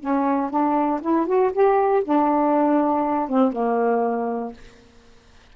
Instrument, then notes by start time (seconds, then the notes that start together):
saxophone
0.00 C#4
0.50 D4
1.01 E4
1.27 F#4
1.52 G4
2.04 D4
3.29 C4
3.52 A#3